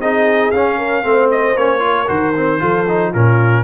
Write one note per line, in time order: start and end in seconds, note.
0.00 0.52 C4
0.00 0.54 D#4
0.00 0.78 G#4
0.00 0.51 D#5
0.51 1.04 C#4
0.51 1.03 C#4
0.51 1.29 F5
0.78 1.04 A#4
1.03 1.56 A3
1.03 1.56 C4
1.03 1.84 C5
1.31 1.57 D#5
1.56 2.09 A#3
1.56 1.79 C#4
1.56 2.09 C#5
1.79 2.06 F4
1.79 2.62 A#4
2.07 2.62 D#3
2.07 2.34 F#4
2.07 3.13 C5
2.36 2.59 C4
2.59 3.14 F3
2.59 2.85 F4
2.59 3.11 A4
2.88 3.14 D#4
3.11 3.64 A#2
3.11 3.64 C#4
3.11 3.63 F4
3.11 3.64 A#4